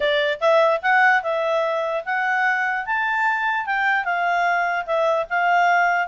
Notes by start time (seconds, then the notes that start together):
0.00 D5
0.40 E5
0.82 F#5
1.22 E5
2.05 F#5
2.86 A5
3.66 G5
4.04 F5
4.85 E5
5.29 F5